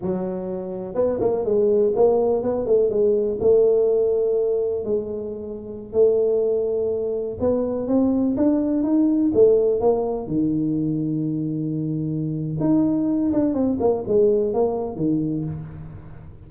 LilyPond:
\new Staff \with { instrumentName = "tuba" } { \time 4/4 \tempo 4 = 124 fis2 b8 ais8 gis4 | ais4 b8 a8 gis4 a4~ | a2 gis2~ | gis16 a2. b8.~ |
b16 c'4 d'4 dis'4 a8.~ | a16 ais4 dis2~ dis8.~ | dis2 dis'4. d'8 | c'8 ais8 gis4 ais4 dis4 | }